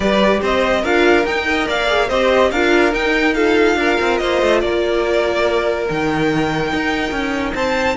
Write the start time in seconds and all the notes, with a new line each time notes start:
0.00 G3 G4 B4 D5
0.41 C4 C5 D#5
0.81 D4 F4 A#4 F5
1.25 D#4 G5
1.46 A#4 D#5
1.67 A#3 D5 F5
1.87 G#4
2.07 C4 G4 C5 D#5
2.51 D4 F4 A#4 F5
2.92 D#4 G5
3.34 F4 A4 F5
3.76 D4 A#4
4.00 C4
4.17 A#3 C5 D#5
4.42 A3
4.60 A#3 A#4 D5
5.88 D#3 D#4 G5
6.72 D#4
7.11 C#4
7.54 C4 C5 A5